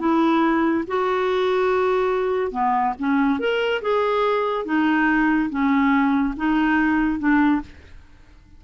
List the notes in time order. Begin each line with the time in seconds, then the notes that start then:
0.00 E4
0.88 F#4
2.52 B3
3.00 C#4
3.40 A#4
3.82 G#4
4.65 D#4
5.50 C#4
6.37 D#4
7.19 D4